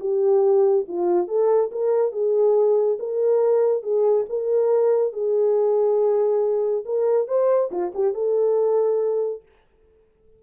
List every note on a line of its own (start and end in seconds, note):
0.00 0.86 G4
0.88 1.28 F4
1.28 1.70 A4
1.71 2.12 A#4
2.12 2.98 G#4
2.99 3.83 A#4
3.83 4.25 G#4
4.29 5.13 A#4
5.13 6.84 G#4
6.85 7.27 A#4
7.27 7.70 C5
7.71 7.92 F4
7.94 8.14 G4
8.14 9.42 A4